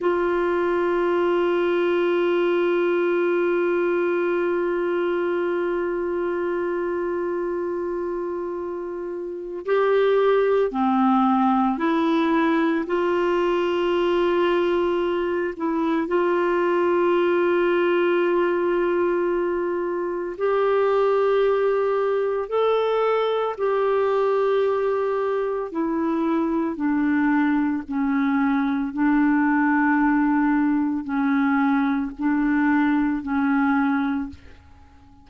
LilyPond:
\new Staff \with { instrumentName = "clarinet" } { \time 4/4 \tempo 4 = 56 f'1~ | f'1~ | f'4 g'4 c'4 e'4 | f'2~ f'8 e'8 f'4~ |
f'2. g'4~ | g'4 a'4 g'2 | e'4 d'4 cis'4 d'4~ | d'4 cis'4 d'4 cis'4 | }